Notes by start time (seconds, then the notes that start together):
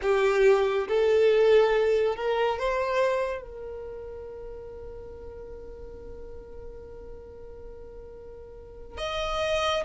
0.02 G4
0.88 A4
2.15 A#4
2.58 C5
3.41 A#4
8.97 D#5